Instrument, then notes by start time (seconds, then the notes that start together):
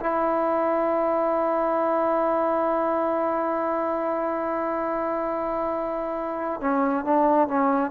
trombone
0.00 E4
6.60 C#4
7.04 D4
7.47 C#4